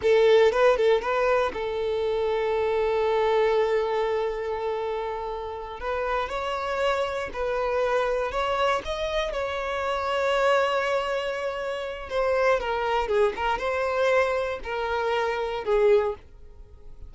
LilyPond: \new Staff \with { instrumentName = "violin" } { \time 4/4 \tempo 4 = 119 a'4 b'8 a'8 b'4 a'4~ | a'1~ | a'2.~ a'8 b'8~ | b'8 cis''2 b'4.~ |
b'8 cis''4 dis''4 cis''4.~ | cis''1 | c''4 ais'4 gis'8 ais'8 c''4~ | c''4 ais'2 gis'4 | }